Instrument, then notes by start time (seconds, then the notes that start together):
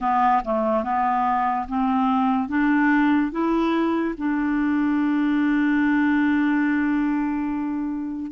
clarinet
0.00 B3
0.44 A3
0.83 B3
1.68 C4
2.48 D4
3.31 E4
4.17 D4